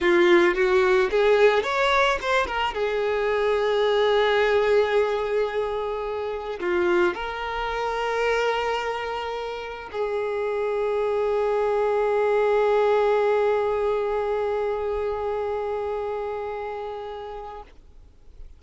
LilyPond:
\new Staff \with { instrumentName = "violin" } { \time 4/4 \tempo 4 = 109 f'4 fis'4 gis'4 cis''4 | c''8 ais'8 gis'2.~ | gis'1 | f'4 ais'2.~ |
ais'2 gis'2~ | gis'1~ | gis'1~ | gis'1 | }